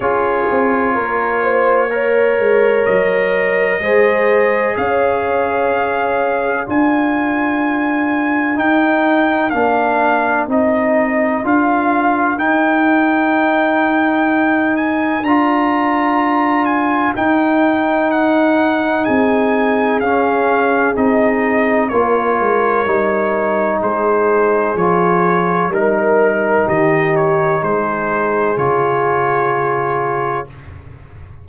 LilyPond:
<<
  \new Staff \with { instrumentName = "trumpet" } { \time 4/4 \tempo 4 = 63 cis''2. dis''4~ | dis''4 f''2 gis''4~ | gis''4 g''4 f''4 dis''4 | f''4 g''2~ g''8 gis''8 |
ais''4. gis''8 g''4 fis''4 | gis''4 f''4 dis''4 cis''4~ | cis''4 c''4 cis''4 ais'4 | dis''8 cis''8 c''4 cis''2 | }
  \new Staff \with { instrumentName = "horn" } { \time 4/4 gis'4 ais'8 c''8 cis''2 | c''4 cis''2 ais'4~ | ais'1~ | ais'1~ |
ais'1 | gis'2. ais'4~ | ais'4 gis'2 ais'4 | g'4 gis'2. | }
  \new Staff \with { instrumentName = "trombone" } { \time 4/4 f'2 ais'2 | gis'2. f'4~ | f'4 dis'4 d'4 dis'4 | f'4 dis'2. |
f'2 dis'2~ | dis'4 cis'4 dis'4 f'4 | dis'2 f'4 dis'4~ | dis'2 f'2 | }
  \new Staff \with { instrumentName = "tuba" } { \time 4/4 cis'8 c'8 ais4. gis8 fis4 | gis4 cis'2 d'4~ | d'4 dis'4 ais4 c'4 | d'4 dis'2. |
d'2 dis'2 | c'4 cis'4 c'4 ais8 gis8 | g4 gis4 f4 g4 | dis4 gis4 cis2 | }
>>